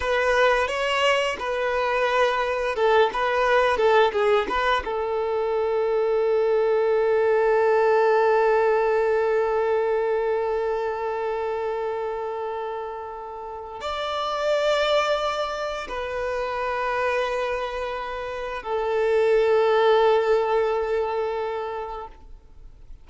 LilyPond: \new Staff \with { instrumentName = "violin" } { \time 4/4 \tempo 4 = 87 b'4 cis''4 b'2 | a'8 b'4 a'8 gis'8 b'8 a'4~ | a'1~ | a'1~ |
a'1 | d''2. b'4~ | b'2. a'4~ | a'1 | }